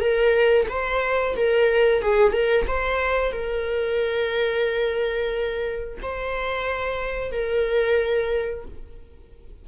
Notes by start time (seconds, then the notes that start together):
0.00 A#4
0.69 C5
1.36 A#4
2.02 G#4
2.33 A#4
2.68 C5
3.32 A#4
6.02 C5
7.32 A#4